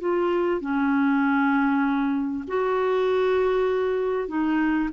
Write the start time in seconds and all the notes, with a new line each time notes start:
0.00 F4
0.61 C#4
2.48 F#4
4.28 D#4